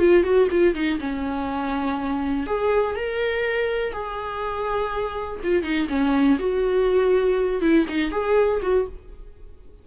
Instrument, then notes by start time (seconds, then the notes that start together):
viola
0.00 F4
0.24 F#4
0.52 F4
0.75 D#4
1.00 C#4
2.47 G#4
2.96 A#4
3.93 G#4
5.44 F4
5.63 D#4
5.89 C#4
6.40 F#4
7.62 E4
7.89 D#4
8.12 G#4
8.63 F#4